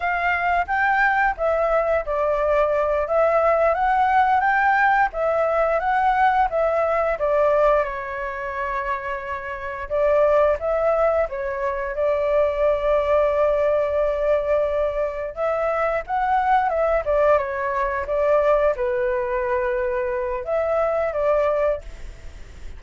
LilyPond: \new Staff \with { instrumentName = "flute" } { \time 4/4 \tempo 4 = 88 f''4 g''4 e''4 d''4~ | d''8 e''4 fis''4 g''4 e''8~ | e''8 fis''4 e''4 d''4 cis''8~ | cis''2~ cis''8 d''4 e''8~ |
e''8 cis''4 d''2~ d''8~ | d''2~ d''8 e''4 fis''8~ | fis''8 e''8 d''8 cis''4 d''4 b'8~ | b'2 e''4 d''4 | }